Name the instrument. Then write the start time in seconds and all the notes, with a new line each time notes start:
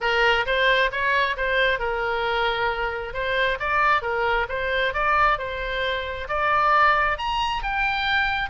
oboe
0.01 A#4
0.46 C5
0.91 C#5
1.36 C5
1.79 A#4
3.13 C5
3.59 D5
4.02 A#4
4.49 C5
4.93 D5
5.38 C5
6.28 D5
7.18 A#5
7.62 G5